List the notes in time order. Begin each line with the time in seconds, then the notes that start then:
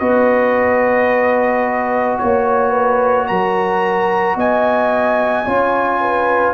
0.00 B3 F#4 B4 D#5
2.19 A#3 C#5
2.70 B4
3.28 F#3 A#4 A#5
4.36 B3 D#5 G#5
5.45 C#4 F4 C#5
6.01 B4